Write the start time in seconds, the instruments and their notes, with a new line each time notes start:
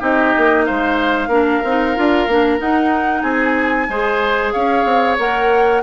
0.00 bassoon C4, clarinet D#4, oboe G4, flute D#5
0.37 bassoon A#3
0.65 bassoon G#3, oboe C5, flute F5
1.28 bassoon A#3, clarinet D4, oboe A#4
1.64 bassoon C4, clarinet D#4
1.96 bassoon D4, clarinet F4
2.27 bassoon A#3, clarinet D4
2.59 clarinet D#4, bassoon D#4, flute F#5
3.22 bassoon C4, oboe G#4, flute G#5
3.89 bassoon G#3, clarinet G#4, oboe C5
4.52 bassoon C#4, oboe C#5, flute F5
4.85 bassoon C4
5.19 bassoon A#3, clarinet A#4, flute F#5